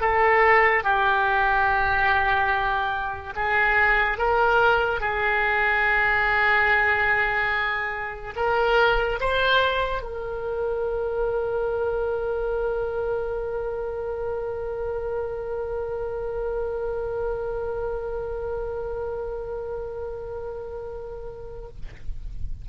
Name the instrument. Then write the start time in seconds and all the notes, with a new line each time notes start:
oboe
0.00 A4
0.83 G4
3.36 G#4
4.18 A#4
5.00 G#4
8.36 A#4
9.20 C5
10.02 A#4